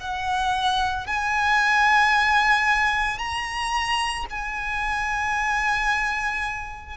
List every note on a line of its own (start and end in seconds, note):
0.00 1.07 F#5
1.07 3.19 G#5
3.19 4.26 A#5
4.30 6.97 G#5